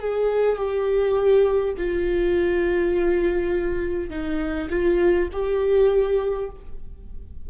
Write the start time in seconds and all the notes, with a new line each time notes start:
0.00 G#4
0.57 G4
1.78 F4
4.10 D#4
4.70 F4
5.33 G4